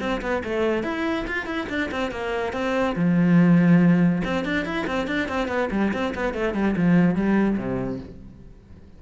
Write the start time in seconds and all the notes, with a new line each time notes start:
0.00 C4
0.22 B3
0.44 A3
0.83 E4
1.27 F4
1.46 E4
1.69 D4
1.91 C4
2.11 A#3
2.53 C4
2.95 F3
4.24 C4
4.45 D4
4.65 E4
4.87 C4
5.07 D4
5.28 C4
5.48 B3
5.71 G3
5.93 C4
6.15 B3
6.34 A3
6.54 G3
6.76 F3
7.15 G3
7.57 C3